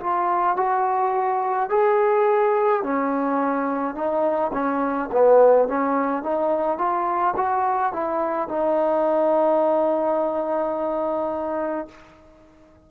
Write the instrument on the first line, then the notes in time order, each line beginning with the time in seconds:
trombone
0.00 F4
0.56 F#4
1.69 G#4
2.83 C#4
3.94 D#4
4.53 C#4
5.12 B3
5.68 C#4
6.23 D#4
6.78 F4
7.36 F#4
7.92 E4
8.48 D#4